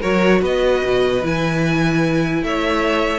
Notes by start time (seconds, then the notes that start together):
0.00 F#3 F#4 A#4 C#5
0.41 B3 B4 D#5
0.84 B2
1.23 E3 E4 G#5
2.42 A3 C#5 E5